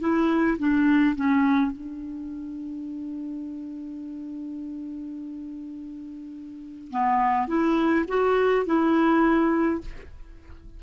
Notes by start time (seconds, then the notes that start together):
0.00 E4
0.59 D4
1.16 C#4
1.72 D4
6.91 B3
7.48 E4
8.09 F#4
8.66 E4